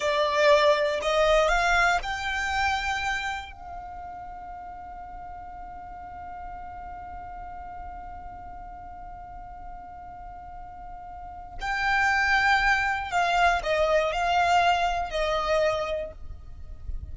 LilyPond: \new Staff \with { instrumentName = "violin" } { \time 4/4 \tempo 4 = 119 d''2 dis''4 f''4 | g''2. f''4~ | f''1~ | f''1~ |
f''1~ | f''2. g''4~ | g''2 f''4 dis''4 | f''2 dis''2 | }